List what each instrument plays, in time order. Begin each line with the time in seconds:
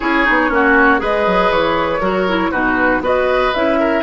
0.00 bassoon C#4, clarinet E4, oboe G#4, flute C#5
0.25 bassoon B3, clarinet D#4
0.49 bassoon A#3, clarinet C#4, oboe F#4
0.98 bassoon G#3, clarinet G#4, oboe B4, flute D#5
1.26 bassoon F#3
1.50 bassoon E3, flute C#5
2.00 bassoon F#3, clarinet F#4, oboe A#4
2.28 clarinet E4
2.51 bassoon B2, clarinet D#4, oboe F#4, flute B4
3.01 bassoon B3, clarinet F#4, oboe B4, flute D#5
3.53 bassoon C#4, clarinet E4, flute E5
3.79 oboe A#4